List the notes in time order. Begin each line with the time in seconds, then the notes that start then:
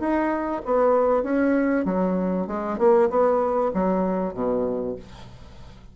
0.00 D#4
0.65 B3
1.23 C#4
1.85 F#3
2.47 G#3
2.78 A#3
3.10 B3
3.74 F#3
4.34 B2